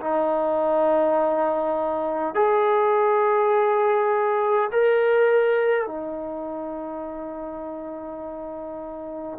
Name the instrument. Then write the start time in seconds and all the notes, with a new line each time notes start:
trombone
0.00 D#4
2.35 G#4
4.72 A#4
5.87 D#4